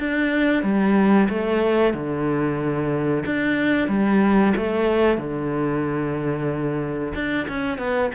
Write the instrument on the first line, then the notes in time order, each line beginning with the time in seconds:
cello
0.00 D4
0.63 G3
1.30 A3
1.94 D3
3.26 D4
3.89 G3
4.57 A3
5.18 D3
7.15 D4
7.49 C#4
7.78 B3